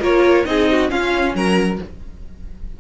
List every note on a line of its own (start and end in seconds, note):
0.00 0.45 A#3
0.00 0.45 F4
0.00 0.44 A#4
0.00 0.46 C#5
0.45 0.90 C4
0.45 0.89 D#4
0.45 0.71 G#4
0.45 0.90 D#5
0.71 0.91 F#4
0.89 1.77 C#4
0.89 1.34 C#4
0.89 1.35 F4
0.89 1.35 F5
1.34 1.78 F#3
1.34 1.80 A#4
1.34 1.80 A#5